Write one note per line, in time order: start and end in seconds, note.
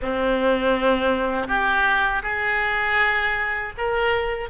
0.02 1.47 C4
1.47 2.22 G4
2.22 3.72 G#4
3.77 4.49 A#4